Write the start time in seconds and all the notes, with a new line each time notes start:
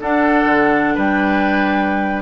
0.00 D4 A4 F#5
0.45 D3
0.94 G3 B4 G5